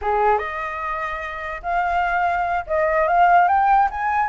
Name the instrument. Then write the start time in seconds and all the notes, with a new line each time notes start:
flute
0.01 G#4
0.38 D#5
1.62 F5
2.67 D#5
3.07 F5
3.48 G5
3.90 G#5